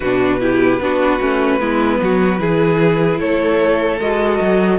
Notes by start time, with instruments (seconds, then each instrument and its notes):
0.00 cello B2, viola D4, violin F#4 B4
0.40 viola E4, violin G4
0.79 cello B3, viola D4, violin F#4
1.20 cello A3, viola C#4
1.59 cello G#3, viola B3, violin E4
2.01 cello F#3, violin F#4
2.38 cello E3, viola E4, violin G#4
3.20 cello A3, violin A4 C#5
3.99 cello G#3, viola F#4, violin D#5
4.41 cello F#3